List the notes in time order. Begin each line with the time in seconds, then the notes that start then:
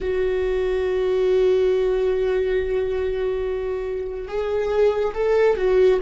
0.00 F#4
4.27 G#4
5.14 A4
5.56 F#4